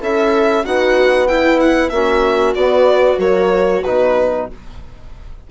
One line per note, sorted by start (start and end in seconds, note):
0.00 0.65 C#4
0.00 0.64 E4
0.00 0.64 A4
0.00 0.65 E5
0.64 1.93 B3
0.64 1.28 D#4
0.64 1.28 F#4
0.64 1.28 F#5
1.28 1.91 E4
1.28 1.92 E4
1.28 1.59 G5
1.60 1.90 F#5
1.90 2.55 A#3
1.90 2.57 C#4
1.90 4.48 F#4
1.90 2.54 E5
2.55 3.18 B3
2.55 3.19 D5
3.18 3.82 F#3
3.18 3.82 A#3
3.18 3.84 C#5
3.84 4.51 B2
3.84 4.51 D#4
3.84 4.47 B4